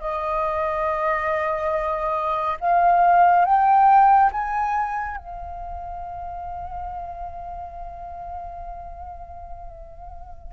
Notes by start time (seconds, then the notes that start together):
0.00 D#5
2.60 F5
3.45 G5
4.31 G#5
5.17 F5